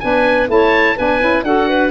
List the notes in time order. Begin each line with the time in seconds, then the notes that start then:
0.00 B3 D4 B4 G#5
0.48 A3 E4 C#5 A5
0.97 B3 D4 B4 G#5
1.21 C#4 E4
1.44 D4 F#4 A4 F#5
1.69 B4